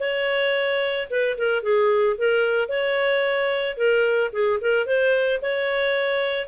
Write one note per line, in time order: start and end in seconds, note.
0.00 1.08 C#5
1.11 1.38 B4
1.38 1.63 A#4
1.63 2.17 G#4
2.18 2.69 A#4
2.69 3.77 C#5
3.77 4.31 A#4
4.33 4.60 G#4
4.61 4.86 A#4
4.86 5.40 C5
5.42 6.48 C#5